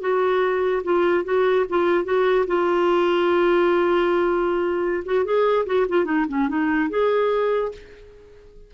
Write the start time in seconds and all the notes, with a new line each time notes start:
0.00 F#4
0.83 F4
1.24 F#4
1.69 F4
2.04 F#4
2.46 F4
5.05 F#4
5.24 G#4
5.65 F#4
5.88 F4
6.04 D#4
6.28 C#4
6.48 D#4
6.89 G#4